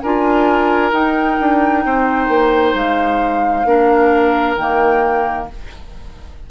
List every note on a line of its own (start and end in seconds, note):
0.00 0.92 D4
0.00 0.92 F4
0.00 1.84 A#4
0.00 0.91 G#5
0.92 1.37 D#4
0.92 3.65 D#4
0.92 2.75 G5
1.40 1.85 D4
1.85 2.28 C4
1.85 3.67 C5
2.28 2.74 A#3
2.74 3.65 G#3
2.74 4.55 F5
3.65 4.56 A#3
3.65 4.57 D4
3.65 5.49 A#4
4.55 5.48 D#3
4.55 5.50 A#3
4.55 5.46 G5